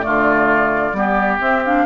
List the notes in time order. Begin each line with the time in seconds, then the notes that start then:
0.00 D3 A3 F4 D5
0.92 G3 B3 G4
1.39 C4 E5
1.65 D4 F5